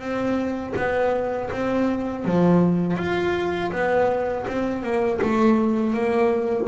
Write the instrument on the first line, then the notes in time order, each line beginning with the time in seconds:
double bass
0.00 C4
0.76 B3
1.52 C4
2.25 F3
2.97 F4
3.72 B3
4.47 C4
4.83 A#3
5.22 A3
5.94 A#3